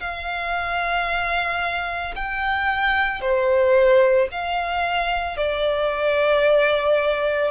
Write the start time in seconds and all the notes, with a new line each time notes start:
0.00 F5
2.15 G5
3.21 C5
4.31 F5
5.37 D5